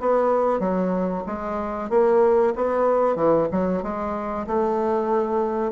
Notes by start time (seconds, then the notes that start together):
0.00 B3
0.59 F#3
1.26 G#3
1.89 A#3
2.56 B3
3.15 E3
3.51 F#3
3.82 G#3
4.47 A3